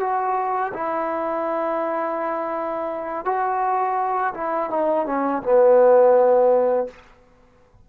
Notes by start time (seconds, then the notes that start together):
0.00 F#4
0.73 E4
3.25 F#4
4.34 E4
4.70 D#4
5.06 C#4
5.42 B3